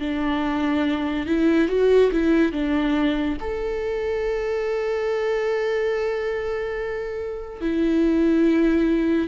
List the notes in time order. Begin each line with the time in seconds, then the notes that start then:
0.00 D4
1.26 E4
1.69 F#4
2.12 E4
2.53 D4
3.41 A4
7.61 E4